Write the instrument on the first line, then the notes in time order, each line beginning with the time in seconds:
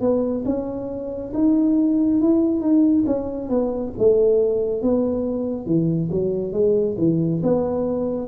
tuba
0.00 B3
0.45 C#4
1.33 D#4
2.20 E4
2.60 D#4
3.06 C#4
3.49 B3
3.98 A3
4.81 B3
5.66 E3
6.11 F#3
6.52 G#3
6.98 E3
7.43 B3